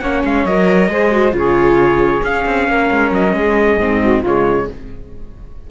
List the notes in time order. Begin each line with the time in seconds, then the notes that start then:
0.00 A#3 C#4 C#5 F#5
0.25 G#3 F5
0.45 F#3 A#4 D#5
0.89 G#3 G#4 C5
1.12 F#4
1.32 C#3 F4 G#4 C#5
2.23 C#4 F5
2.46 C4
2.68 A#3 A#4
2.91 G#3
3.11 F#3 D#5
3.34 G#3 G#4
3.78 G#2 C4
4.02 F#4
4.20 C#3 G#3 F4
4.26 C#5